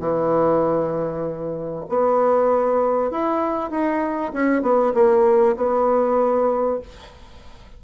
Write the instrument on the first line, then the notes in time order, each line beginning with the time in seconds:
bassoon
0.00 E3
1.89 B3
3.11 E4
3.71 D#4
4.33 C#4
4.62 B3
4.94 A#3
5.57 B3